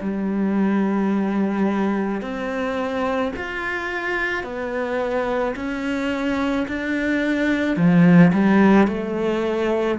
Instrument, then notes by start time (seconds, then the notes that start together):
cello
0.00 G3
2.21 C4
3.36 F4
4.43 B3
5.56 C#4
6.68 D4
7.76 F3
8.33 G3
8.87 A3